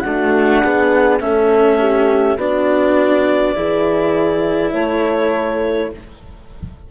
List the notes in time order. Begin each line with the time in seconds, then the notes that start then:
0.00 A3 D4 F#4 F#5
0.63 B3 G#4
1.20 A3 C#4 A4 E5
1.79 G4
2.36 B3 D4 F#4 D5
3.55 E3 E4 G#4
4.73 A3 A4 C#5